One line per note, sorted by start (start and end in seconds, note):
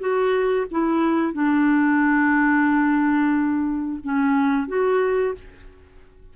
0.00 0.67 F#4
0.71 1.33 E4
1.33 4.00 D4
4.04 4.68 C#4
4.68 5.35 F#4